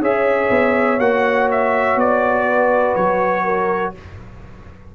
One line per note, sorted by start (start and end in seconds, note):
0.00 0.49 C#4
0.00 0.99 G#4
0.00 2.48 C#5
0.00 1.00 E5
0.50 0.98 B3
0.98 1.96 A#3
0.98 3.95 F#4
0.98 1.49 F#5
1.51 1.99 E5
1.96 2.94 B3
1.96 2.95 D5
2.48 3.44 B4
2.95 3.94 F#3
2.95 3.94 C#5
3.44 3.93 A#4